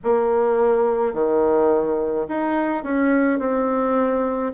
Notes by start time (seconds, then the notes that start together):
0.03 A#3
1.13 D#3
2.28 D#4
2.83 C#4
3.39 C4